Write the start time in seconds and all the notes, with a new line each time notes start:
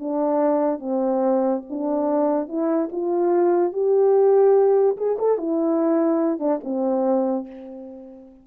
0.00 D4
0.80 C4
1.70 D4
2.49 E4
2.92 F4
3.73 G4
4.97 G#4
5.19 A4
5.38 E4
6.40 D4
6.64 C4